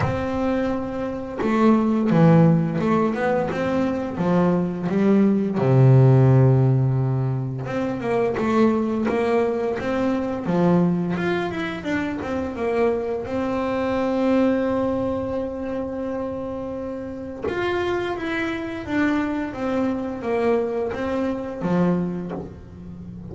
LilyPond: \new Staff \with { instrumentName = "double bass" } { \time 4/4 \tempo 4 = 86 c'2 a4 e4 | a8 b8 c'4 f4 g4 | c2. c'8 ais8 | a4 ais4 c'4 f4 |
f'8 e'8 d'8 c'8 ais4 c'4~ | c'1~ | c'4 f'4 e'4 d'4 | c'4 ais4 c'4 f4 | }